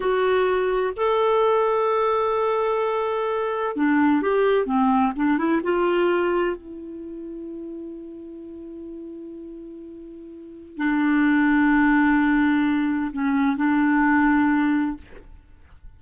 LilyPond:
\new Staff \with { instrumentName = "clarinet" } { \time 4/4 \tempo 4 = 128 fis'2 a'2~ | a'1 | d'4 g'4 c'4 d'8 e'8 | f'2 e'2~ |
e'1~ | e'2. d'4~ | d'1 | cis'4 d'2. | }